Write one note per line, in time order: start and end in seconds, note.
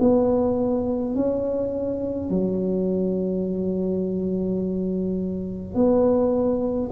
0.00 1.15 B3
1.15 2.30 C#4
2.30 5.75 F#3
5.75 6.90 B3